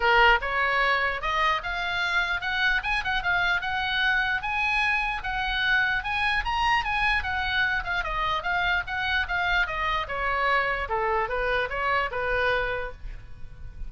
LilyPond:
\new Staff \with { instrumentName = "oboe" } { \time 4/4 \tempo 4 = 149 ais'4 cis''2 dis''4 | f''2 fis''4 gis''8 fis''8 | f''4 fis''2 gis''4~ | gis''4 fis''2 gis''4 |
ais''4 gis''4 fis''4. f''8 | dis''4 f''4 fis''4 f''4 | dis''4 cis''2 a'4 | b'4 cis''4 b'2 | }